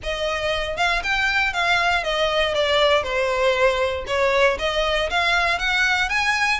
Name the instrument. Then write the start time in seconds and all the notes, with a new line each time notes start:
violin
0.03 D#5
0.77 F5
1.03 G5
1.53 F5
2.03 D#5
2.54 D5
3.03 C5
4.06 C#5
4.59 D#5
5.10 F5
5.58 F#5
6.09 G#5